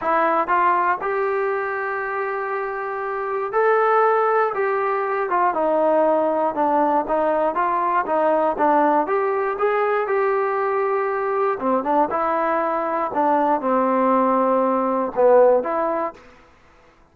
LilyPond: \new Staff \with { instrumentName = "trombone" } { \time 4/4 \tempo 4 = 119 e'4 f'4 g'2~ | g'2. a'4~ | a'4 g'4. f'8 dis'4~ | dis'4 d'4 dis'4 f'4 |
dis'4 d'4 g'4 gis'4 | g'2. c'8 d'8 | e'2 d'4 c'4~ | c'2 b4 e'4 | }